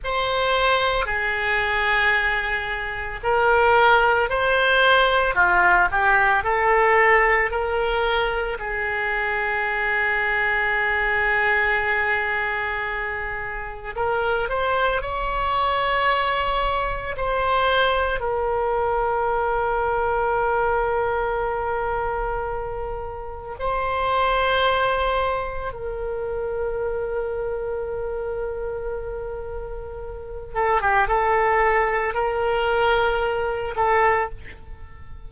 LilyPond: \new Staff \with { instrumentName = "oboe" } { \time 4/4 \tempo 4 = 56 c''4 gis'2 ais'4 | c''4 f'8 g'8 a'4 ais'4 | gis'1~ | gis'4 ais'8 c''8 cis''2 |
c''4 ais'2.~ | ais'2 c''2 | ais'1~ | ais'8 a'16 g'16 a'4 ais'4. a'8 | }